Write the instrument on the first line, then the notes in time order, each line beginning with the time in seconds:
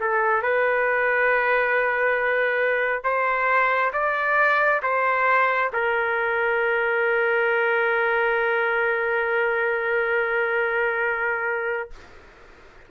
trumpet
0.00 A4
0.43 B4
3.04 C5
3.93 D5
4.82 C5
5.73 A#4